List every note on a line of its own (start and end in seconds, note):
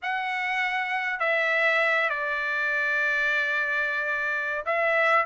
0.02 1.19 F#5
1.19 2.09 E5
2.09 4.64 D5
4.65 5.25 E5